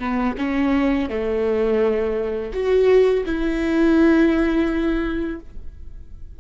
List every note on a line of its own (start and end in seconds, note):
0.00 0.36 B3
0.38 1.10 C#4
1.10 2.53 A3
2.54 3.25 F#4
3.26 5.41 E4